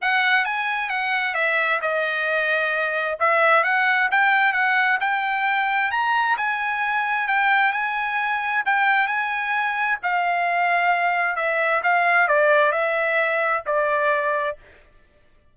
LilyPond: \new Staff \with { instrumentName = "trumpet" } { \time 4/4 \tempo 4 = 132 fis''4 gis''4 fis''4 e''4 | dis''2. e''4 | fis''4 g''4 fis''4 g''4~ | g''4 ais''4 gis''2 |
g''4 gis''2 g''4 | gis''2 f''2~ | f''4 e''4 f''4 d''4 | e''2 d''2 | }